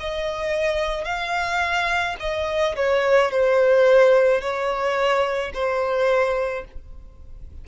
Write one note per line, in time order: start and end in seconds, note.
0.00 1.05 D#5
1.05 2.16 F5
2.20 2.76 D#5
2.76 3.31 C#5
3.31 4.41 C5
4.41 5.52 C#5
5.54 6.65 C5